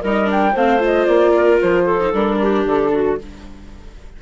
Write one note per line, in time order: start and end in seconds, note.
0.00 0.54 G3
0.00 0.25 D#4
0.00 0.53 A#4
0.00 0.30 D#5
0.25 0.51 D4
0.31 0.57 G5
0.53 1.07 A3
0.53 0.79 C4
0.53 1.32 C5
0.53 0.83 F5
0.79 1.97 F4
0.79 1.06 D#5
1.06 1.61 A#3
1.06 1.58 D5
1.35 1.84 A#4
1.61 2.13 F3
1.61 2.14 C5
1.84 2.37 A4
2.00 2.13 D#4
2.13 2.65 G3
2.13 3.19 D4
2.13 2.67 A#4
2.42 2.92 G4
2.65 3.18 D3
2.65 3.22 A4
2.92 3.18 F#4